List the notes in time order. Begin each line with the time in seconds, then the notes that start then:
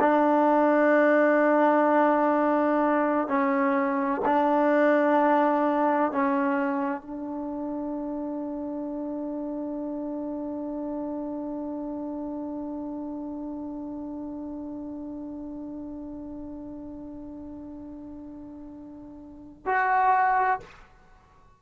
0.00 D4
3.28 C#4
4.25 D4
6.12 C#4
7.01 D4
19.66 F#4